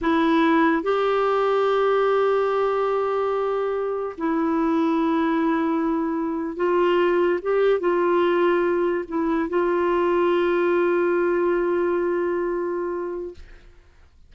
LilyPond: \new Staff \with { instrumentName = "clarinet" } { \time 4/4 \tempo 4 = 144 e'2 g'2~ | g'1~ | g'2 e'2~ | e'2.~ e'8. f'16~ |
f'4.~ f'16 g'4 f'4~ f'16~ | f'4.~ f'16 e'4 f'4~ f'16~ | f'1~ | f'1 | }